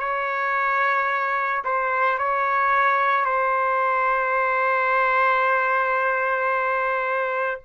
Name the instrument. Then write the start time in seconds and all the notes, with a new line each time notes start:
trumpet
0.00 C#5
1.65 C5
2.19 C#5
3.25 C5